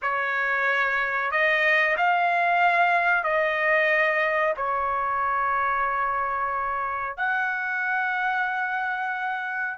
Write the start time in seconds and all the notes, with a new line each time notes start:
0.01 C#5
1.31 D#5
1.97 F5
3.23 D#5
4.57 C#5
7.17 F#5